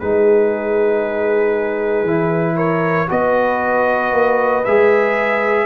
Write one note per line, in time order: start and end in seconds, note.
0.00 2.03 G#3
0.00 2.07 D#4
0.00 2.56 G#4
0.00 2.57 B4
2.03 3.07 E3
2.03 3.08 E4
2.56 3.08 A#4
2.56 3.09 C#5
3.08 4.12 B3
3.08 4.64 F#4
3.08 5.66 B4
3.08 4.65 D#5
4.12 4.64 A#3
4.65 5.66 G#3
4.65 5.66 G#4
4.65 5.66 E5